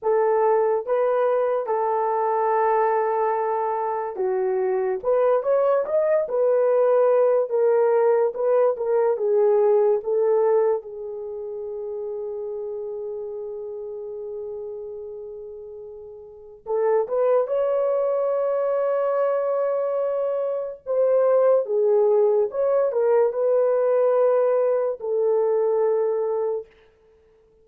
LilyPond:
\new Staff \with { instrumentName = "horn" } { \time 4/4 \tempo 4 = 72 a'4 b'4 a'2~ | a'4 fis'4 b'8 cis''8 dis''8 b'8~ | b'4 ais'4 b'8 ais'8 gis'4 | a'4 gis'2.~ |
gis'1 | a'8 b'8 cis''2.~ | cis''4 c''4 gis'4 cis''8 ais'8 | b'2 a'2 | }